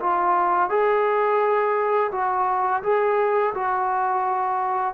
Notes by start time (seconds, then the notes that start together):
0.00 F4
0.70 G#4
2.11 F#4
2.83 G#4
3.54 F#4